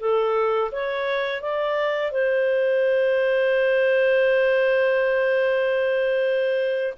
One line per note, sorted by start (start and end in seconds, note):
0.00 0.71 A4
0.71 1.42 C#5
1.42 2.12 D5
2.12 6.94 C5